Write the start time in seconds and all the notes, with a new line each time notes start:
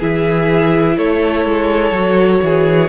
0.00 E3 E4 G#4 E5
0.97 A3 A4 C#5
1.45 G#3
1.92 F#3 F#4
2.43 E3 G#4